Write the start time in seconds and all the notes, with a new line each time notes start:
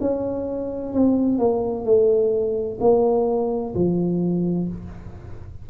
0.00 C#4
0.92 C4
1.38 A#3
1.85 A3
2.80 A#3
3.75 F3